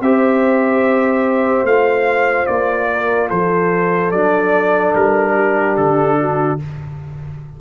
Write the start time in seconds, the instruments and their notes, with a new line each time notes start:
0.00 tuba C4, trombone G4, horn C5, trumpet E5
1.63 tuba A3, trombone F4, trumpet F5
2.46 tuba A#3, trumpet D5
2.92 horn A#4
3.28 tuba F3, horn A4, trumpet C5
4.11 tuba F#3, trombone D4, trumpet D5
4.95 tuba G3, trumpet A#4
5.35 horn G4
5.76 tuba D3, trumpet A4
6.19 horn F#4